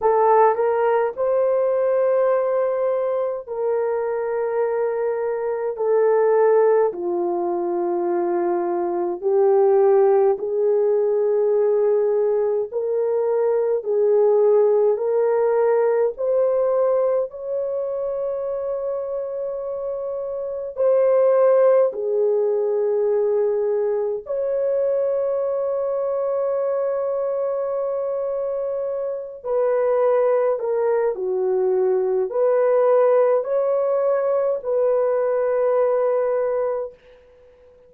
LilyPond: \new Staff \with { instrumentName = "horn" } { \time 4/4 \tempo 4 = 52 a'8 ais'8 c''2 ais'4~ | ais'4 a'4 f'2 | g'4 gis'2 ais'4 | gis'4 ais'4 c''4 cis''4~ |
cis''2 c''4 gis'4~ | gis'4 cis''2.~ | cis''4. b'4 ais'8 fis'4 | b'4 cis''4 b'2 | }